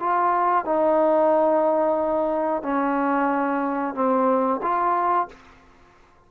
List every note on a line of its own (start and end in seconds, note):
0.00 0.65 F4
0.65 2.63 D#4
2.63 3.95 C#4
3.95 4.61 C4
4.62 5.28 F4